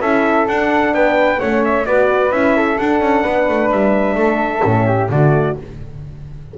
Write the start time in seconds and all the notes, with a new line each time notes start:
0.00 C#4 E4 A4 E5
0.47 D4 F#5
0.93 B3 B4 G5
1.39 A3 C#4 C#5 F#5
1.64 E5
1.85 B3 F#4 B4 D5
2.31 C#4 E4 E5
2.56 A4
2.78 D4 F#5
3.00 C#4
3.22 B3 B4
3.48 A3
3.71 G3 E5
4.14 A3 A4
4.62 A2 C#4
4.86 G4
5.09 D3 A3 F#4 D5